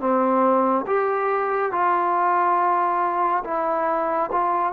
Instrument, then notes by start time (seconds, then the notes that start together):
trombone
0.00 C4
0.86 G4
1.72 F4
3.44 E4
4.32 F4